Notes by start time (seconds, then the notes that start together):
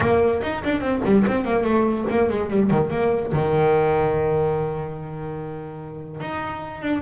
0.00 A#3
0.42 D#4
0.63 D4
0.81 C4
1.04 G3
1.26 C4
1.44 A#3
1.63 A3
2.10 A#3
2.29 G#3
2.50 G3
2.70 D#3
2.90 A#3
3.32 D#3
6.20 D#4
6.82 D4